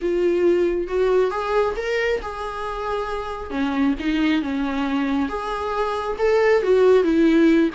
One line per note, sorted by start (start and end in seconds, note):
0.01 0.87 F4
0.87 1.30 F#4
1.30 1.74 G#4
1.76 2.20 A#4
2.21 3.50 G#4
3.50 3.94 C#4
3.99 4.41 D#4
4.41 5.28 C#4
5.28 6.16 G#4
6.18 6.62 A4
6.62 7.03 F#4
7.03 7.70 E4